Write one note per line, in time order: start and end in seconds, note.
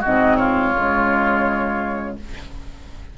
0.00 0.74 C4
0.00 0.36 F#4
0.00 0.36 D#5
0.07 0.74 G#2
0.36 2.16 F4
0.36 2.15 C#5
0.74 2.17 C#3
0.74 2.17 G#3